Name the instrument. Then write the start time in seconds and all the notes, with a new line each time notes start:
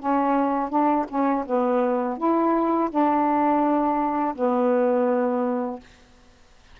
saxophone
0.00 C#4
0.70 D4
1.09 C#4
1.47 B3
2.18 E4
2.90 D4
4.35 B3